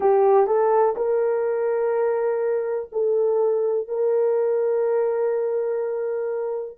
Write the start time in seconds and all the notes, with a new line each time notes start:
0.00 G4
0.47 A4
0.95 A#4
2.92 A4
3.88 A#4